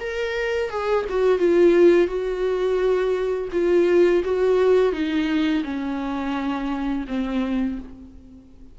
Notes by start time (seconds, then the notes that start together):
0.00 A#4
0.70 G#4
1.09 F#4
1.38 F4
2.08 F#4
3.52 F4
4.24 F#4
4.93 D#4
5.64 C#4
7.08 C4